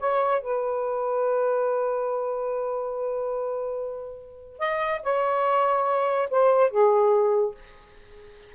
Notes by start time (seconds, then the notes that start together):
0.00 C#5
0.42 B4
4.59 D#5
5.03 C#5
6.30 C5
6.71 G#4